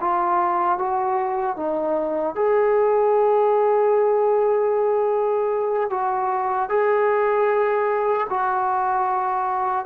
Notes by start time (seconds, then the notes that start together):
0.00 F4
0.78 F#4
1.56 D#4
2.35 G#4
5.90 F#4
6.69 G#4
8.29 F#4